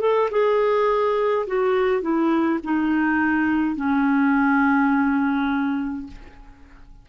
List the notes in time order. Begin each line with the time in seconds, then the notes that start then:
0.00 A4
0.30 G#4
1.46 F#4
2.01 E4
2.63 D#4
3.76 C#4